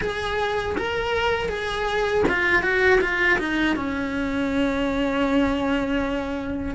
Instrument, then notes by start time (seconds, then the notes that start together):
cello
0.01 G#4
0.77 A#4
1.48 G#4
2.28 F4
2.62 F#4
3.00 F4
3.39 D#4
3.75 C#4